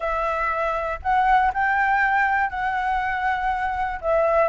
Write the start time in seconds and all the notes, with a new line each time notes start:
0.00 E5
1.02 F#5
1.53 G5
2.50 F#5
4.01 E5